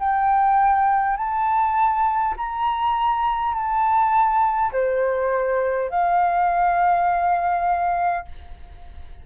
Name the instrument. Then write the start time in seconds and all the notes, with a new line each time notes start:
flute
0.00 G5
1.18 A5
2.37 A#5
3.55 A5
4.73 C5
5.90 F5